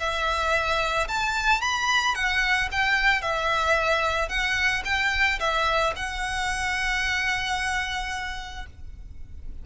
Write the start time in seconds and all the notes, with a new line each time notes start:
0.00 E5
1.09 A5
1.62 B5
2.15 F#5
2.72 G5
3.22 E5
4.29 F#5
4.86 G5
5.40 E5
5.96 F#5